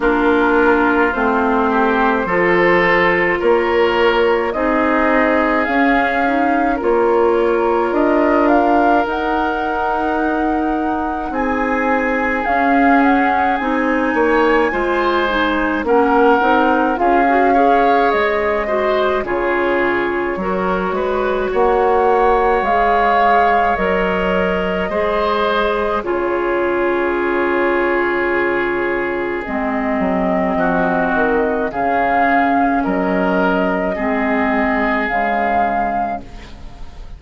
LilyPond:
<<
  \new Staff \with { instrumentName = "flute" } { \time 4/4 \tempo 4 = 53 ais'4 c''2 cis''4 | dis''4 f''4 cis''4 dis''8 f''8 | fis''2 gis''4 f''8 fis''8 | gis''2 fis''4 f''4 |
dis''4 cis''2 fis''4 | f''4 dis''2 cis''4~ | cis''2 dis''2 | f''4 dis''2 f''4 | }
  \new Staff \with { instrumentName = "oboe" } { \time 4/4 f'4. g'8 a'4 ais'4 | gis'2 ais'2~ | ais'2 gis'2~ | gis'8 cis''8 c''4 ais'4 gis'8 cis''8~ |
cis''8 c''8 gis'4 ais'8 b'8 cis''4~ | cis''2 c''4 gis'4~ | gis'2. fis'4 | gis'4 ais'4 gis'2 | }
  \new Staff \with { instrumentName = "clarinet" } { \time 4/4 d'4 c'4 f'2 | dis'4 cis'8 dis'8 f'2 | dis'2. cis'4 | dis'4 f'8 dis'8 cis'8 dis'8 f'16 fis'16 gis'8~ |
gis'8 fis'8 f'4 fis'2 | gis'4 ais'4 gis'4 f'4~ | f'2 c'2 | cis'2 c'4 gis4 | }
  \new Staff \with { instrumentName = "bassoon" } { \time 4/4 ais4 a4 f4 ais4 | c'4 cis'4 ais4 d'4 | dis'2 c'4 cis'4 | c'8 ais8 gis4 ais8 c'8 cis'4 |
gis4 cis4 fis8 gis8 ais4 | gis4 fis4 gis4 cis4~ | cis2 gis8 fis8 f8 dis8 | cis4 fis4 gis4 cis4 | }
>>